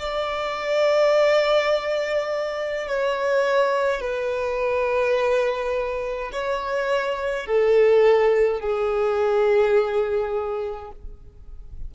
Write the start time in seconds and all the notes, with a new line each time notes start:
0.00 D5
2.88 C#5
4.01 B4
6.33 C#5
7.46 A4
8.61 G#4